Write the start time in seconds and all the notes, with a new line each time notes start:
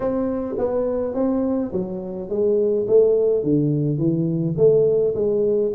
0.00 C4
0.57 B3
1.14 C4
1.72 F#3
2.29 G#3
2.87 A3
3.43 D3
3.98 E3
4.57 A3
5.14 G#3